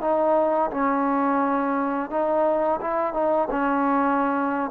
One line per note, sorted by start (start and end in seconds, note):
0.00 0.70 D#4
0.70 2.10 C#4
2.10 2.79 D#4
2.81 3.13 E4
3.13 3.48 D#4
3.50 4.70 C#4